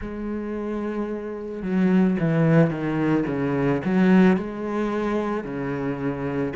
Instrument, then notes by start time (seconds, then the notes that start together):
cello
0.00 G#3
1.62 F#3
2.19 E3
2.70 D#3
3.27 C#3
3.85 F#3
4.36 G#3
5.43 C#3